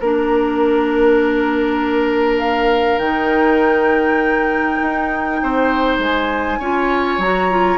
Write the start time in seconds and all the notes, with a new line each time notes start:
0.00 A#3 D4 A#4
2.39 F5
2.98 D#3 D#4 G5
4.81 D#4
5.42 C4 C5
5.98 G#3 G#5
6.59 C#4 F4 C#5
7.18 F#3 F#4 A#5
7.50 F4